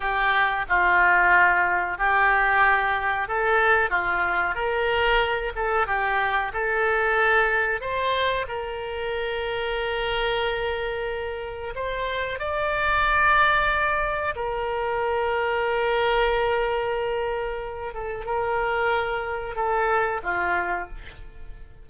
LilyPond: \new Staff \with { instrumentName = "oboe" } { \time 4/4 \tempo 4 = 92 g'4 f'2 g'4~ | g'4 a'4 f'4 ais'4~ | ais'8 a'8 g'4 a'2 | c''4 ais'2.~ |
ais'2 c''4 d''4~ | d''2 ais'2~ | ais'2.~ ais'8 a'8 | ais'2 a'4 f'4 | }